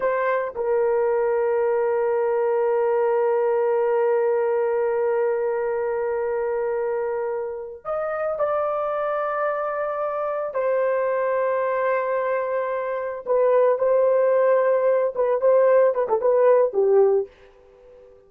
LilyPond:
\new Staff \with { instrumentName = "horn" } { \time 4/4 \tempo 4 = 111 c''4 ais'2.~ | ais'1~ | ais'1~ | ais'2~ ais'8 dis''4 d''8~ |
d''2.~ d''8 c''8~ | c''1~ | c''8 b'4 c''2~ c''8 | b'8 c''4 b'16 a'16 b'4 g'4 | }